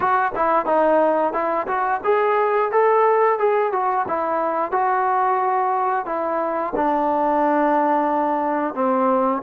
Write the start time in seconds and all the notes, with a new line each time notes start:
0.00 F#4
0.35 E4
0.65 D#4
1.33 E4
1.67 F#4
2.04 G#4
2.71 A4
3.39 G#4
3.72 F#4
4.08 E4
4.71 F#4
6.05 E4
6.75 D4
8.74 C4